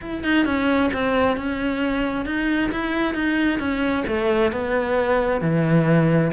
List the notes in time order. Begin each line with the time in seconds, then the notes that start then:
0.01 E4
0.23 D#4
0.45 C#4
0.93 C4
1.36 C#4
2.25 D#4
2.71 E4
3.14 D#4
3.59 C#4
4.07 A3
4.52 B3
5.41 E3